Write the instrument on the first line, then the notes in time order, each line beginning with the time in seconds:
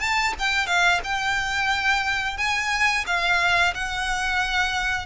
violin
0.00 A5
0.39 G5
0.67 F5
1.04 G5
2.37 G#5
3.06 F5
3.74 F#5